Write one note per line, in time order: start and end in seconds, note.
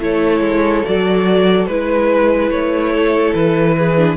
0.00 0.41 A3
0.00 0.84 E4
0.00 1.71 A4
0.00 0.86 C#5
0.41 0.83 G#3
0.85 1.67 F#3
0.85 1.69 F#4
0.85 1.66 D5
1.66 2.50 G#3
1.66 3.98 E4
1.66 2.50 B4
1.66 2.94 B4
2.51 3.34 A3
2.51 3.34 C#5
2.94 3.77 A4
3.34 4.17 E3
3.34 4.17 B4
3.78 4.17 G#4
3.98 4.17 D4